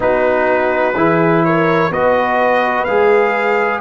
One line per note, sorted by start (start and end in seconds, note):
0.00 0.94 B3
0.00 0.94 D#4
0.00 0.96 F#4
0.00 1.44 B4
0.94 1.89 E3
0.94 1.91 E4
0.94 1.44 G#4
1.44 1.91 A#4
1.44 1.91 C#5
1.90 2.85 B3
1.90 2.87 F#4
1.90 3.80 B4
1.90 2.84 D#5
2.84 3.80 G#3
2.84 3.80 G#4
2.84 3.79 F5